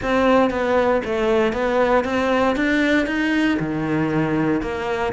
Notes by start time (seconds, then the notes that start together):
0.02 C4
0.50 B3
1.05 A3
1.52 B3
2.04 C4
2.55 D4
3.06 D#4
3.59 D#3
4.61 A#3